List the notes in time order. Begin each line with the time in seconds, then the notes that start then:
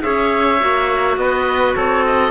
0.00 C#4 G#4 C#5 E5
0.59 A#3 F#4
1.16 B3 B4 D#5
1.75 C4 A4 C#5
2.05 D#5